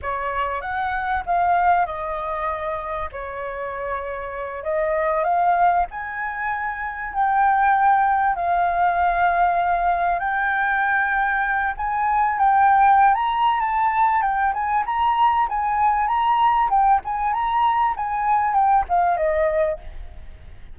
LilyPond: \new Staff \with { instrumentName = "flute" } { \time 4/4 \tempo 4 = 97 cis''4 fis''4 f''4 dis''4~ | dis''4 cis''2~ cis''8 dis''8~ | dis''8 f''4 gis''2 g''8~ | g''4. f''2~ f''8~ |
f''8 g''2~ g''8 gis''4 | g''4~ g''16 ais''8. a''4 g''8 gis''8 | ais''4 gis''4 ais''4 g''8 gis''8 | ais''4 gis''4 g''8 f''8 dis''4 | }